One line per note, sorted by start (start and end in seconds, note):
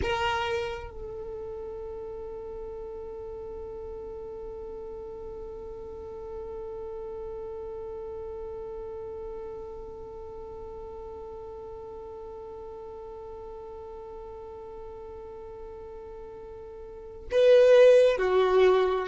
0.02 0.90 A#4
0.90 17.27 A4
17.31 18.17 B4
18.17 19.08 F#4